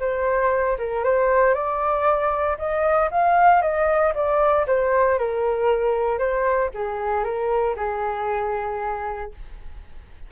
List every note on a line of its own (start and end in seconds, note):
0.00 0.78 C5
0.78 1.04 A#4
1.04 1.54 C5
1.54 2.57 D5
2.58 3.10 D#5
3.11 3.62 F5
3.62 4.13 D#5
4.14 4.66 D5
4.67 5.18 C5
5.18 6.19 A#4
6.19 6.70 C5
6.74 7.24 G#4
7.24 7.75 A#4
7.76 9.31 G#4